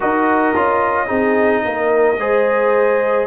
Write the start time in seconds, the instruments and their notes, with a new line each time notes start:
0.00 tuba D#4, trombone F#4, horn A#4, trumpet D#5
0.55 tuba C#4, trombone F4
1.06 tuba C4, trombone D#4, horn G#4
1.65 tuba A#3, horn A#4
2.18 tuba G#3, trombone G#4, horn C5